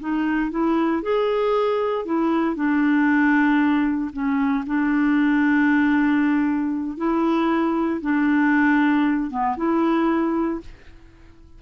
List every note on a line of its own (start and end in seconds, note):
0.00 0.51 D#4
0.51 1.02 E4
1.02 2.05 G#4
2.05 2.56 E4
2.56 4.11 D4
4.13 4.64 C#4
4.66 6.97 D4
6.97 8.01 E4
8.01 9.30 D4
9.30 9.56 B3
9.57 10.60 E4